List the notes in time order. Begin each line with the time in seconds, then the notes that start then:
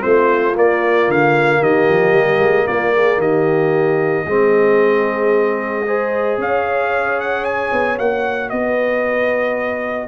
0.00 A3 C4 F4 C5
0.54 A#3 D5
1.08 D3 F5
1.60 D#3 G4 D#5
1.89 F3
2.13 G3
2.40 G#3
2.67 A#3 F4 D5
2.95 G#4
3.17 D#3 G4 D#5
4.26 G#3 C4 G#4
5.86 G#4 C5
6.38 C#4 C#5 F5
7.20 F#5
7.45 G#5
7.72 B3
7.98 A#3 F#4 F#5
8.50 B3 D#5
8.56 B4